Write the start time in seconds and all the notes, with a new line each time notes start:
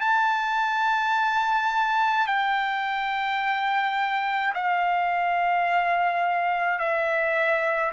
0.00 A5
2.26 G5
4.54 F5
6.79 E5